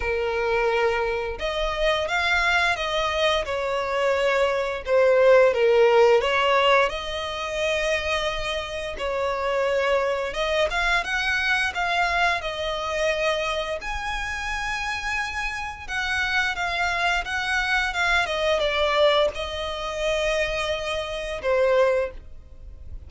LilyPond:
\new Staff \with { instrumentName = "violin" } { \time 4/4 \tempo 4 = 87 ais'2 dis''4 f''4 | dis''4 cis''2 c''4 | ais'4 cis''4 dis''2~ | dis''4 cis''2 dis''8 f''8 |
fis''4 f''4 dis''2 | gis''2. fis''4 | f''4 fis''4 f''8 dis''8 d''4 | dis''2. c''4 | }